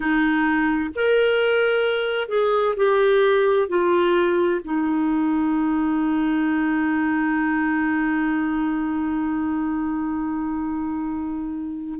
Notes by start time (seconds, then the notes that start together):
0.00 D#4
0.95 A#4
2.28 G#4
2.76 G4
3.68 F4
4.64 D#4